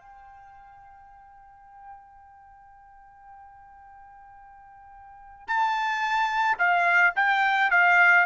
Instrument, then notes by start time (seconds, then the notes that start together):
trumpet
0.00 G5
5.47 A5
6.59 F5
7.16 G5
7.71 F5